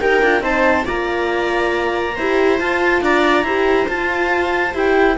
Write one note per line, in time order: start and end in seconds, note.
0.00 0.22 D#4
0.00 0.23 G4
0.00 0.44 A#4
0.00 0.43 G5
0.22 0.41 D4
0.22 0.42 F4
0.41 0.84 C4
0.41 0.84 D#4
0.41 0.86 C5
0.41 0.87 A5
0.84 2.18 A#3
0.84 2.14 F4
0.84 2.15 D5
0.84 2.60 A#5
2.15 2.61 E4
2.15 2.60 G4
2.15 3.02 C5
2.60 3.46 F4
2.60 3.02 F4
2.60 3.03 A5
3.02 3.43 D4
3.02 3.45 D5
3.02 3.90 A#5
3.43 3.87 E4
3.43 3.89 G4
3.43 5.17 C5
3.88 4.75 F4
3.88 4.74 F4
3.88 4.76 A5
4.74 5.18 E4
4.74 5.17 G4
4.74 5.18 G5